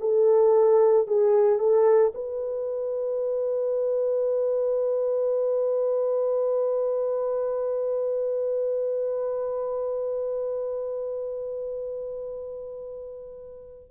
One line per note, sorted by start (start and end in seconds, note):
0.00 1.07 A4
1.07 1.59 G#4
1.59 2.12 A4
2.14 13.91 B4